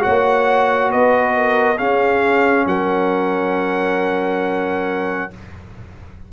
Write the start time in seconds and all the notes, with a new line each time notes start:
0.00 A#3 F#4 C#5 F#5
0.90 B3 B4 D#5
1.35 A#4
1.77 C#4 G#4 F5
2.66 F#3 A#4 F#5